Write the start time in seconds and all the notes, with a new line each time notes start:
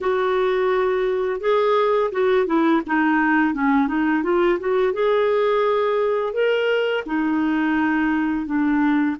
0.00 F#4
1.40 G#4
2.11 F#4
2.46 E4
2.86 D#4
3.54 C#4
3.87 D#4
4.23 F4
4.59 F#4
4.93 G#4
6.33 A#4
7.06 D#4
8.45 D4